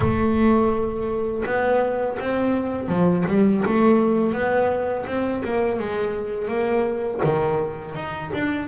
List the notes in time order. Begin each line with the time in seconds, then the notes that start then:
0.00 A3
1.45 B3
2.19 C4
2.88 F3
3.27 G3
3.65 A3
4.32 B3
5.06 C4
5.44 A#3
5.79 G#3
6.48 A#3
7.23 D#3
7.95 D#4
8.33 D4